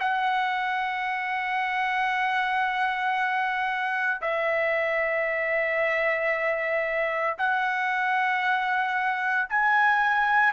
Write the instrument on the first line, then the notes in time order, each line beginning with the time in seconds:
trumpet
0.00 F#5
4.22 E5
7.38 F#5
9.50 G#5